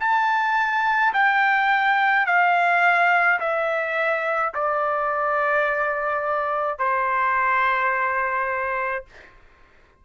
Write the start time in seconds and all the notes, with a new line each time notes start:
0.00 A5
1.14 G5
2.26 F5
3.40 E5
4.54 D5
6.79 C5